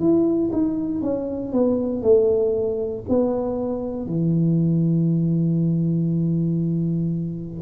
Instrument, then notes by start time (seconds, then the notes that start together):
tuba
0.00 E4
0.52 D#4
1.02 C#4
1.53 B3
2.02 A3
3.09 B3
4.06 E3